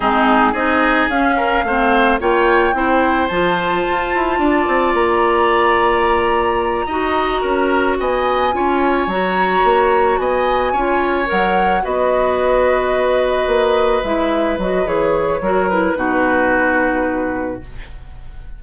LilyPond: <<
  \new Staff \with { instrumentName = "flute" } { \time 4/4 \tempo 4 = 109 gis'4 dis''4 f''2 | g''2 a''2~ | a''4 ais''2.~ | ais''2~ ais''8 gis''4.~ |
gis''8 ais''2 gis''4.~ | gis''8 fis''4 dis''2~ dis''8~ | dis''4. e''4 dis''8 cis''4~ | cis''8 b'2.~ b'8 | }
  \new Staff \with { instrumentName = "oboe" } { \time 4/4 dis'4 gis'4. ais'8 c''4 | cis''4 c''2. | d''1~ | d''8 dis''4 ais'4 dis''4 cis''8~ |
cis''2~ cis''8 dis''4 cis''8~ | cis''4. b'2~ b'8~ | b'1 | ais'4 fis'2. | }
  \new Staff \with { instrumentName = "clarinet" } { \time 4/4 c'4 dis'4 cis'4 c'4 | f'4 e'4 f'2~ | f'1~ | f'8 fis'2. f'8~ |
f'8 fis'2. f'8~ | f'8 ais'4 fis'2~ fis'8~ | fis'4. e'4 fis'8 gis'4 | fis'8 e'8 dis'2. | }
  \new Staff \with { instrumentName = "bassoon" } { \time 4/4 gis4 c'4 cis'4 a4 | ais4 c'4 f4 f'8 e'8 | d'8 c'8 ais2.~ | ais8 dis'4 cis'4 b4 cis'8~ |
cis'8 fis4 ais4 b4 cis'8~ | cis'8 fis4 b2~ b8~ | b8 ais4 gis4 fis8 e4 | fis4 b,2. | }
>>